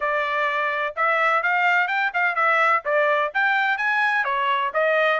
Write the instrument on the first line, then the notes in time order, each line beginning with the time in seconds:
trumpet
0.00 D5
0.96 E5
1.42 F5
1.87 G5
2.13 F5
2.35 E5
2.84 D5
3.33 G5
3.77 G#5
4.24 C#5
4.73 D#5